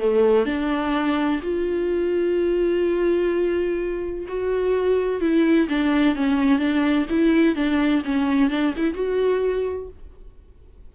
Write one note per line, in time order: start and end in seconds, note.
0.00 0.46 A3
0.46 1.40 D4
1.42 4.26 F4
4.28 5.21 F#4
5.21 5.68 E4
5.69 6.16 D4
6.16 6.59 C#4
6.59 7.06 D4
7.10 7.56 E4
7.56 8.03 D4
8.05 8.50 C#4
8.50 8.74 D4
8.77 8.94 E4
8.94 9.88 F#4